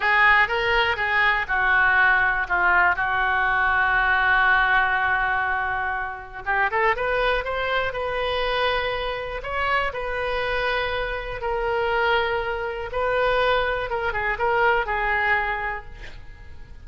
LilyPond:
\new Staff \with { instrumentName = "oboe" } { \time 4/4 \tempo 4 = 121 gis'4 ais'4 gis'4 fis'4~ | fis'4 f'4 fis'2~ | fis'1~ | fis'4 g'8 a'8 b'4 c''4 |
b'2. cis''4 | b'2. ais'4~ | ais'2 b'2 | ais'8 gis'8 ais'4 gis'2 | }